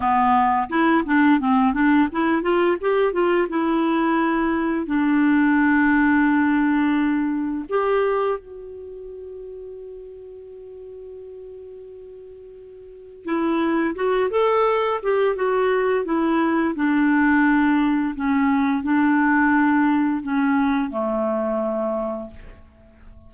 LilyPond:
\new Staff \with { instrumentName = "clarinet" } { \time 4/4 \tempo 4 = 86 b4 e'8 d'8 c'8 d'8 e'8 f'8 | g'8 f'8 e'2 d'4~ | d'2. g'4 | fis'1~ |
fis'2. e'4 | fis'8 a'4 g'8 fis'4 e'4 | d'2 cis'4 d'4~ | d'4 cis'4 a2 | }